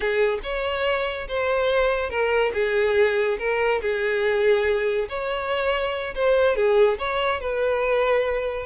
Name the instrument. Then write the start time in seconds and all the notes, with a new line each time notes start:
violin
0.00 G#4
0.43 C#5
1.28 C5
2.10 A#4
2.53 G#4
3.38 A#4
3.81 G#4
5.09 C#5
6.14 C5
6.56 G#4
6.98 C#5
7.40 B4